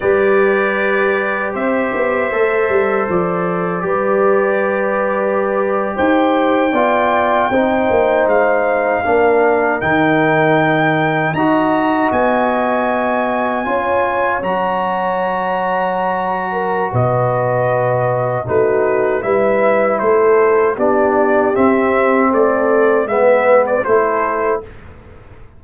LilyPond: <<
  \new Staff \with { instrumentName = "trumpet" } { \time 4/4 \tempo 4 = 78 d''2 e''2 | d''2.~ d''8. g''16~ | g''2~ g''8. f''4~ f''16~ | f''8. g''2 ais''4 gis''16~ |
gis''2~ gis''8. ais''4~ ais''16~ | ais''2 dis''2 | b'4 e''4 c''4 d''4 | e''4 d''4 e''8. d''16 c''4 | }
  \new Staff \with { instrumentName = "horn" } { \time 4/4 b'2 c''2~ | c''4 b'2~ b'8. c''16~ | c''8. d''4 c''2 ais'16~ | ais'2~ ais'8. dis''4~ dis''16~ |
dis''4.~ dis''16 cis''2~ cis''16~ | cis''4. ais'8 b'2 | fis'4 b'4 a'4 g'4~ | g'4 a'4 b'4 a'4 | }
  \new Staff \with { instrumentName = "trombone" } { \time 4/4 g'2. a'4~ | a'4 g'2.~ | g'8. f'4 dis'2 d'16~ | d'8. dis'2 fis'4~ fis'16~ |
fis'4.~ fis'16 f'4 fis'4~ fis'16~ | fis'1 | dis'4 e'2 d'4 | c'2 b4 e'4 | }
  \new Staff \with { instrumentName = "tuba" } { \time 4/4 g2 c'8 b8 a8 g8 | f4 g2~ g8. dis'16~ | dis'8. b4 c'8 ais8 gis4 ais16~ | ais8. dis2 dis'4 b16~ |
b4.~ b16 cis'4 fis4~ fis16~ | fis2 b,2 | a4 g4 a4 b4 | c'4 a4 gis4 a4 | }
>>